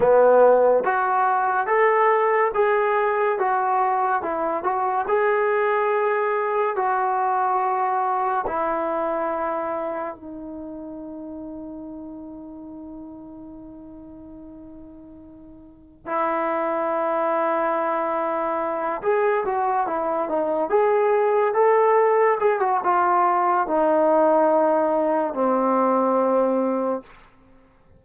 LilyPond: \new Staff \with { instrumentName = "trombone" } { \time 4/4 \tempo 4 = 71 b4 fis'4 a'4 gis'4 | fis'4 e'8 fis'8 gis'2 | fis'2 e'2 | dis'1~ |
dis'2. e'4~ | e'2~ e'8 gis'8 fis'8 e'8 | dis'8 gis'4 a'4 gis'16 fis'16 f'4 | dis'2 c'2 | }